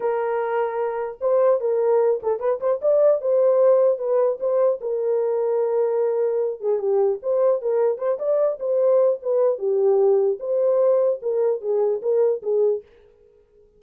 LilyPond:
\new Staff \with { instrumentName = "horn" } { \time 4/4 \tempo 4 = 150 ais'2. c''4 | ais'4. a'8 b'8 c''8 d''4 | c''2 b'4 c''4 | ais'1~ |
ais'8 gis'8 g'4 c''4 ais'4 | c''8 d''4 c''4. b'4 | g'2 c''2 | ais'4 gis'4 ais'4 gis'4 | }